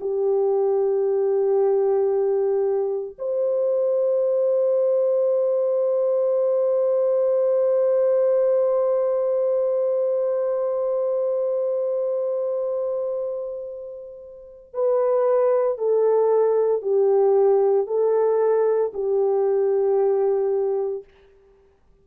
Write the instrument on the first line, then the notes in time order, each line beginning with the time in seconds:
horn
0.00 G4
3.18 C5
14.74 B4
15.78 A4
16.82 G4
17.87 A4
18.94 G4